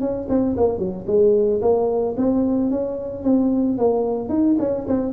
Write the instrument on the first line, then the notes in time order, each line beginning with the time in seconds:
tuba
0.00 C#4
0.29 C4
0.57 A#3
0.78 F#3
1.07 G#3
1.61 A#3
2.16 C4
2.71 C#4
3.23 C4
3.78 A#3
4.29 D#4
4.59 C#4
4.87 C4